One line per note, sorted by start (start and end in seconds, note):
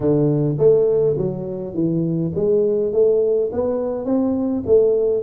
0.00 0.56 D3
0.58 1.16 A3
1.17 1.73 F#3
1.73 2.32 E3
2.35 2.92 G#3
2.92 3.51 A3
3.52 4.05 B3
4.05 4.63 C4
4.66 5.23 A3